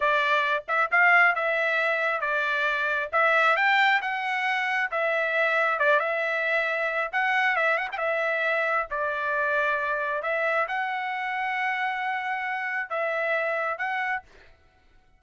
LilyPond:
\new Staff \with { instrumentName = "trumpet" } { \time 4/4 \tempo 4 = 135 d''4. e''8 f''4 e''4~ | e''4 d''2 e''4 | g''4 fis''2 e''4~ | e''4 d''8 e''2~ e''8 |
fis''4 e''8 fis''16 g''16 e''2 | d''2. e''4 | fis''1~ | fis''4 e''2 fis''4 | }